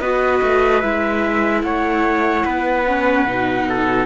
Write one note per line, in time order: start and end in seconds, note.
0.00 0.41 B3
0.00 0.82 F#4
0.00 1.62 B4
0.00 0.80 D#5
0.42 0.82 A3
0.80 1.62 G#3
0.80 2.85 E4
0.80 1.61 E5
1.62 2.44 A3
1.62 2.45 C#5
1.62 4.06 F#5
2.45 3.24 B3
2.45 3.67 B4
2.86 3.27 C#4
3.24 4.05 B2
3.24 4.06 D#4
3.69 4.06 A4